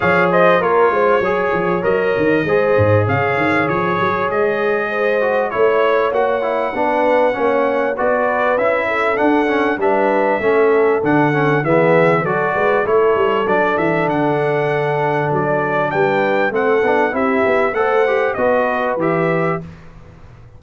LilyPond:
<<
  \new Staff \with { instrumentName = "trumpet" } { \time 4/4 \tempo 4 = 98 f''8 dis''8 cis''2 dis''4~ | dis''4 f''4 cis''4 dis''4~ | dis''4 cis''4 fis''2~ | fis''4 d''4 e''4 fis''4 |
e''2 fis''4 e''4 | d''4 cis''4 d''8 e''8 fis''4~ | fis''4 d''4 g''4 fis''4 | e''4 fis''4 dis''4 e''4 | }
  \new Staff \with { instrumentName = "horn" } { \time 4/4 cis''8 c''8 ais'8 c''8 cis''2 | c''4 cis''2. | c''4 cis''2 b'4 | cis''4 b'4. a'4. |
b'4 a'2 gis'4 | a'8 b'8 a'2.~ | a'2 b'4 a'4 | g'4 c''4 b'2 | }
  \new Staff \with { instrumentName = "trombone" } { \time 4/4 gis'4 f'4 gis'4 ais'4 | gis'1~ | gis'8 fis'8 e'4 fis'8 e'8 d'4 | cis'4 fis'4 e'4 d'8 cis'8 |
d'4 cis'4 d'8 cis'8 b4 | fis'4 e'4 d'2~ | d'2. c'8 d'8 | e'4 a'8 g'8 fis'4 g'4 | }
  \new Staff \with { instrumentName = "tuba" } { \time 4/4 f4 ais8 gis8 fis8 f8 fis8 dis8 | gis8 gis,8 cis8 dis8 f8 fis8 gis4~ | gis4 a4 ais4 b4 | ais4 b4 cis'4 d'4 |
g4 a4 d4 e4 | fis8 gis8 a8 g8 fis8 e8 d4~ | d4 fis4 g4 a8 b8 | c'8 b8 a4 b4 e4 | }
>>